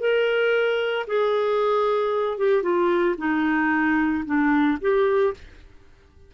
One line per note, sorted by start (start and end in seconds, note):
0.00 1.06 A#4
1.07 2.38 G#4
2.38 2.63 G4
2.63 3.16 F4
3.18 4.24 D#4
4.26 4.79 D4
4.81 5.34 G4